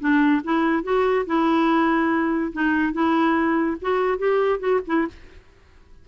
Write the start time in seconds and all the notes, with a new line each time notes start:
0.00 D4
0.44 E4
0.84 F#4
1.26 E4
2.53 D#4
2.93 E4
3.82 F#4
4.19 G4
4.60 F#4
4.87 E4